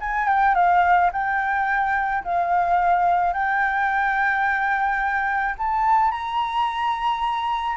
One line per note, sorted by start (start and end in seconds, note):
0.00 0.27 G#5
0.27 0.55 G5
0.55 1.10 F5
1.12 2.23 G5
2.23 3.33 F5
3.33 5.55 G5
5.58 6.11 A5
6.11 7.76 A#5